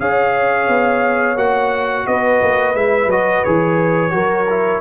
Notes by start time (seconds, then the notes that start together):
0.00 C#4 G#4 C#5 F5
0.69 B3
1.37 A#3 F#4 F#5
2.07 B3 B4 D#5
2.42 A#3
2.75 G#3 E4 E5
3.06 F#3 F#4 D#5
3.45 E3 G#4 C#5
4.11 F#3 F#4 A#4
4.50 E4